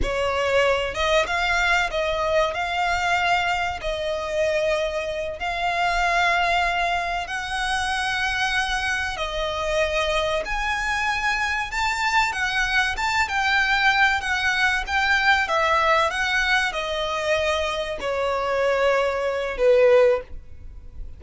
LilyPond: \new Staff \with { instrumentName = "violin" } { \time 4/4 \tempo 4 = 95 cis''4. dis''8 f''4 dis''4 | f''2 dis''2~ | dis''8 f''2. fis''8~ | fis''2~ fis''8 dis''4.~ |
dis''8 gis''2 a''4 fis''8~ | fis''8 a''8 g''4. fis''4 g''8~ | g''8 e''4 fis''4 dis''4.~ | dis''8 cis''2~ cis''8 b'4 | }